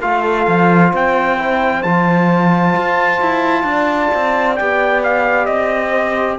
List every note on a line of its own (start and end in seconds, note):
0.00 0.47 A3
0.00 1.38 F4
0.00 0.91 A4
0.00 0.92 F5
0.47 0.93 F3
0.91 1.84 C4
0.91 3.63 C5
0.91 1.83 G5
1.38 1.83 E4
1.83 2.75 F3
1.83 4.57 F4
1.83 4.55 A5
2.76 3.21 F4
3.21 3.63 E4
3.63 4.09 D4
3.63 5.91 D5
4.14 4.60 C4
4.56 5.48 B3
4.56 6.39 G4
4.56 5.01 G5
5.03 5.46 F5
5.46 6.38 C4
5.46 6.37 D#5
5.91 6.36 C5